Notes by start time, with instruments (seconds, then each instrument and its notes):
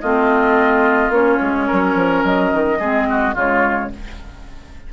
0.00 bassoon A3, clarinet C4, oboe F4, flute D#5
1.09 bassoon A#3, clarinet C#4, flute C#5
1.41 bassoon G#3
1.67 bassoon F#3, oboe A#4
1.95 bassoon F3
2.23 bassoon F#3, flute D#5
2.53 bassoon D#3
2.79 bassoon G#3, clarinet C4, oboe G#4
3.10 oboe F#4
3.34 bassoon C#3, clarinet G#3, oboe F4, flute C#5